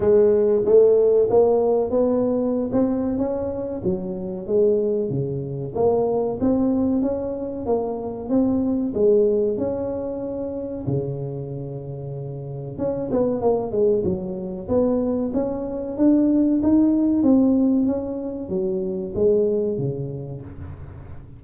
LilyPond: \new Staff \with { instrumentName = "tuba" } { \time 4/4 \tempo 4 = 94 gis4 a4 ais4 b4~ | b16 c'8. cis'4 fis4 gis4 | cis4 ais4 c'4 cis'4 | ais4 c'4 gis4 cis'4~ |
cis'4 cis2. | cis'8 b8 ais8 gis8 fis4 b4 | cis'4 d'4 dis'4 c'4 | cis'4 fis4 gis4 cis4 | }